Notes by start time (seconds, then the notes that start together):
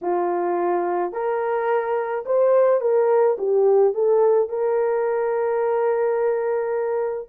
0.01 F4
1.12 A#4
2.25 C5
2.80 A#4
3.37 G4
3.94 A4
4.49 A#4